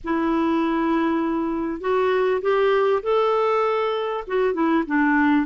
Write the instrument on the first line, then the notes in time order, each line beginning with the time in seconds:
clarinet
0.04 E4
1.80 F#4
2.41 G4
3.02 A4
4.27 F#4
4.53 E4
4.87 D4